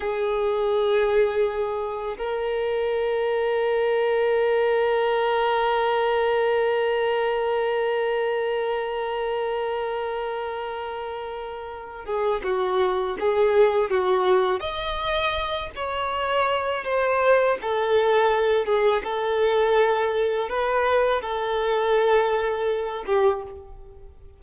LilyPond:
\new Staff \with { instrumentName = "violin" } { \time 4/4 \tempo 4 = 82 gis'2. ais'4~ | ais'1~ | ais'1~ | ais'1~ |
ais'8 gis'8 fis'4 gis'4 fis'4 | dis''4. cis''4. c''4 | a'4. gis'8 a'2 | b'4 a'2~ a'8 g'8 | }